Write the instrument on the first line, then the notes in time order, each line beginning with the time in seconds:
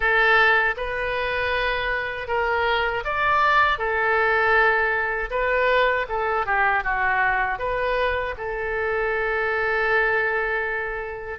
oboe
0.00 A4
0.76 B4
2.27 A#4
3.04 D5
3.78 A4
5.30 B4
6.09 A4
6.46 G4
6.83 F#4
7.58 B4
8.37 A4